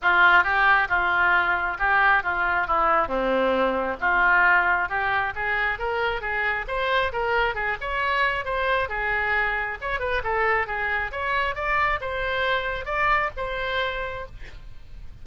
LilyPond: \new Staff \with { instrumentName = "oboe" } { \time 4/4 \tempo 4 = 135 f'4 g'4 f'2 | g'4 f'4 e'4 c'4~ | c'4 f'2 g'4 | gis'4 ais'4 gis'4 c''4 |
ais'4 gis'8 cis''4. c''4 | gis'2 cis''8 b'8 a'4 | gis'4 cis''4 d''4 c''4~ | c''4 d''4 c''2 | }